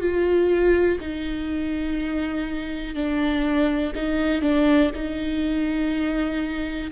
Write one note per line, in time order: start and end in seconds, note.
0.00 0.98 F4
1.01 2.95 D#4
2.95 3.93 D4
3.95 4.42 D#4
4.42 4.91 D4
4.94 6.91 D#4